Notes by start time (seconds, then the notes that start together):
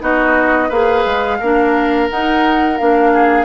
0.00 B3 D#4 F#4 D#5
0.69 A#3 G#4 B4 F5
1.05 G#3
1.39 A#3 D4 A#4
2.10 D#4 F#5
2.78 A#3 D4 F5
3.13 G#4